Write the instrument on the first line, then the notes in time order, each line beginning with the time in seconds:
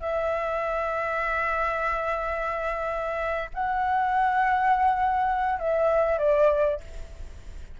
flute
0.00 E5
3.53 F#5
5.59 E5
6.18 D5